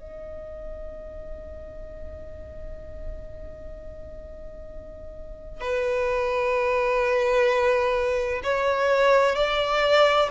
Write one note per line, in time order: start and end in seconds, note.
0.00 5.61 D#5
5.61 8.42 B4
8.44 9.36 C#5
9.36 10.30 D5